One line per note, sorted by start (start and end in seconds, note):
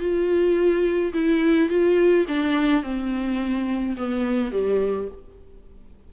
0.00 1.13 F4
1.14 1.69 E4
1.69 2.26 F4
2.28 2.83 D4
2.83 3.96 C4
3.98 4.52 B3
4.52 5.08 G3